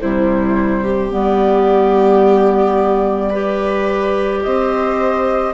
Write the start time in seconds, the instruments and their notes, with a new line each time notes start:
0.00 bassoon C3, clarinet G3, viola E4, flute C5
0.84 viola G4
1.10 bassoon G3, clarinet B3, flute D5
3.31 clarinet G4, viola B4
4.43 bassoon C4, viola C5, flute D#5